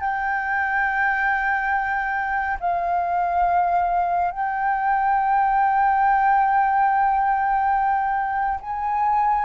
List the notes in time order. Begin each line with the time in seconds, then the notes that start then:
0.00 G5
2.60 F5
4.31 G5
8.60 G#5